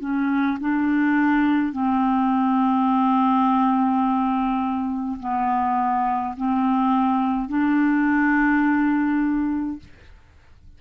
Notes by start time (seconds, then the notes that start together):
0.00 C#4
0.61 D4
1.73 C4
5.20 B3
6.37 C4
7.48 D4